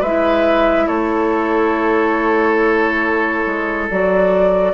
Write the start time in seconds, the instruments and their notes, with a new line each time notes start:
0.00 bassoon G#3, clarinet E4, oboe B4, flute E5
0.87 bassoon A3, oboe A4, flute C#5
3.46 bassoon G#3
3.90 bassoon F#3, clarinet F#4, flute D5